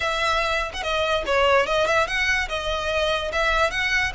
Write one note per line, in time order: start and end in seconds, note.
0.00 0.72 E5
0.73 0.82 F#5
0.82 1.24 D#5
1.25 1.66 C#5
1.66 1.86 D#5
1.86 2.07 E5
2.07 2.48 F#5
2.48 3.31 D#5
3.32 3.70 E5
3.70 4.12 F#5